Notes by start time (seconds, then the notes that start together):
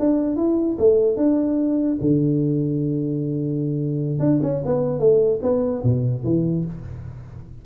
0.00 D4
0.37 E4
0.79 A3
1.17 D4
2.01 D3
4.20 D4
4.43 C#4
4.66 B3
5.00 A3
5.43 B3
5.84 B2
6.25 E3